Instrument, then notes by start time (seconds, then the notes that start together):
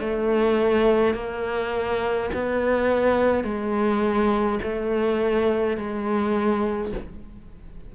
cello
0.00 A3
1.15 A#3
2.34 B3
3.44 G#3
4.63 A3
5.77 G#3